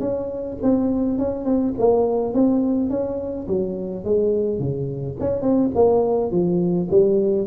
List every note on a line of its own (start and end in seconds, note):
0.00 0.57 C#4
0.63 1.18 C4
1.18 1.45 C#4
1.45 1.74 C4
1.78 2.34 A#3
2.34 2.90 C4
2.90 3.47 C#4
3.48 4.05 F#3
4.05 4.59 G#3
4.59 5.16 C#3
5.20 5.42 C#4
5.42 5.70 C4
5.75 6.31 A#3
6.31 6.88 F3
6.90 7.47 G3